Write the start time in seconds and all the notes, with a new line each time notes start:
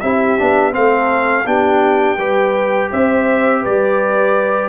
0.00 C4 E4 G4 E5
0.38 B3 D4
0.72 A3 C4 A4 F5
1.45 B3 D4 G4 G5
2.17 G3 G4 B4
2.90 C4 C5 E5
3.61 G3 B4 D5